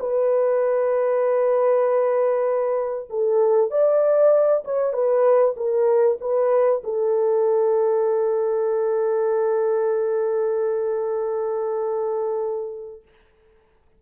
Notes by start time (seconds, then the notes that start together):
0.00 B4
3.10 A4
3.71 D5
4.65 C#5
4.93 B4
5.57 A#4
6.21 B4
6.84 A4